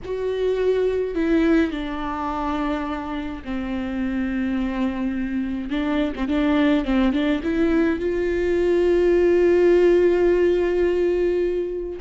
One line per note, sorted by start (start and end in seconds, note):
0.04 1.15 F#4
1.15 1.71 E4
1.71 3.42 D4
3.44 5.70 C4
5.70 6.12 D4
6.15 6.28 C4
6.28 6.84 D4
6.84 7.12 C4
7.12 7.41 D4
7.43 7.99 E4
7.99 11.99 F4